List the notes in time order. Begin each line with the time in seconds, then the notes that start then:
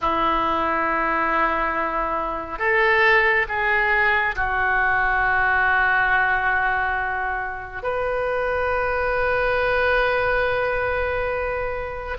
0.01 E4
2.58 A4
3.48 G#4
4.35 F#4
7.83 B4